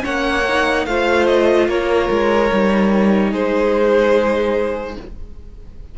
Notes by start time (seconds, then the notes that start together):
0.00 A#3 C#4 C#5 F#5
0.48 D#4
0.85 A3 F4 C5 F5
1.26 D#5
1.68 A#3 A#4 C#5
2.09 G#3
2.50 G3 D#4
3.30 G#3 G#4 C5